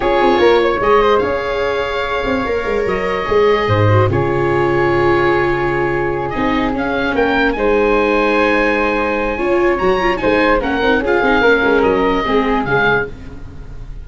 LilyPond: <<
  \new Staff \with { instrumentName = "oboe" } { \time 4/4 \tempo 4 = 147 cis''2 dis''4 f''4~ | f''2. dis''4~ | dis''2 cis''2~ | cis''2.~ cis''8 dis''8~ |
dis''8 f''4 g''4 gis''4.~ | gis''1 | ais''4 gis''4 fis''4 f''4~ | f''4 dis''2 f''4 | }
  \new Staff \with { instrumentName = "flute" } { \time 4/4 gis'4 ais'8 cis''4 c''8 cis''4~ | cis''1~ | cis''4 c''4 gis'2~ | gis'1~ |
gis'4. ais'4 c''4.~ | c''2. cis''4~ | cis''4 c''4 ais'4 gis'4 | ais'2 gis'2 | }
  \new Staff \with { instrumentName = "viola" } { \time 4/4 f'2 gis'2~ | gis'2 ais'2 | gis'4. fis'8 f'2~ | f'2.~ f'8 dis'8~ |
dis'8 cis'2 dis'4.~ | dis'2. f'4 | fis'8 f'8 dis'4 cis'8 dis'8 f'8 dis'8 | cis'2 c'4 gis4 | }
  \new Staff \with { instrumentName = "tuba" } { \time 4/4 cis'8 c'8 ais4 gis4 cis'4~ | cis'4. c'8 ais8 gis8 fis4 | gis4 gis,4 cis2~ | cis2.~ cis8 c'8~ |
c'8 cis'4 ais4 gis4.~ | gis2. cis'4 | fis4 gis4 ais8 c'8 cis'8 c'8 | ais8 gis8 fis4 gis4 cis4 | }
>>